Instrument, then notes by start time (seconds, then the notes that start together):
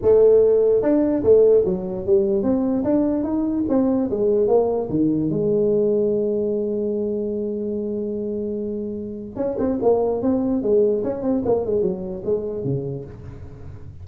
tuba
0.02 A3
0.82 D4
1.23 A3
1.65 F#3
2.06 G3
2.42 C4
2.84 D4
3.23 D#4
3.68 C4
4.10 G#3
4.47 A#3
4.89 D#3
5.30 G#3
9.36 C#4
9.58 C4
9.81 A#3
10.22 C4
10.62 G#3
11.03 C#4
11.22 C4
11.45 A#3
11.65 G#3
11.82 F#3
12.24 G#3
12.63 C#3